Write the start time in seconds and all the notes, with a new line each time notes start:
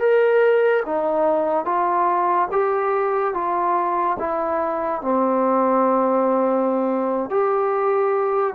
0.00 A#4
0.86 D#4
1.66 F4
2.52 G4
3.34 F4
4.20 E4
5.02 C4
7.30 G4